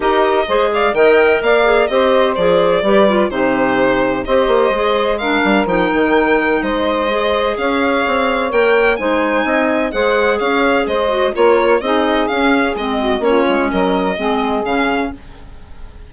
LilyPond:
<<
  \new Staff \with { instrumentName = "violin" } { \time 4/4 \tempo 4 = 127 dis''4. f''8 g''4 f''4 | dis''4 d''2 c''4~ | c''4 dis''2 f''4 | g''2 dis''2 |
f''2 g''4 gis''4~ | gis''4 fis''4 f''4 dis''4 | cis''4 dis''4 f''4 dis''4 | cis''4 dis''2 f''4 | }
  \new Staff \with { instrumentName = "saxophone" } { \time 4/4 ais'4 c''8 d''8 dis''4 d''4 | c''2 b'4 g'4~ | g'4 c''2 ais'4~ | ais'2 c''2 |
cis''2. c''4 | dis''4 c''4 cis''4 c''4 | ais'4 gis'2~ gis'8 fis'8 | f'4 ais'4 gis'2 | }
  \new Staff \with { instrumentName = "clarinet" } { \time 4/4 g'4 gis'4 ais'4. gis'8 | g'4 gis'4 g'8 f'8 dis'4~ | dis'4 g'4 gis'4 d'4 | dis'2. gis'4~ |
gis'2 ais'4 dis'4~ | dis'4 gis'2~ gis'8 fis'8 | f'4 dis'4 cis'4 c'4 | cis'2 c'4 cis'4 | }
  \new Staff \with { instrumentName = "bassoon" } { \time 4/4 dis'4 gis4 dis4 ais4 | c'4 f4 g4 c4~ | c4 c'8 ais8 gis4. g8 | f8 dis4. gis2 |
cis'4 c'4 ais4 gis4 | c'4 gis4 cis'4 gis4 | ais4 c'4 cis'4 gis4 | ais8 gis8 fis4 gis4 cis4 | }
>>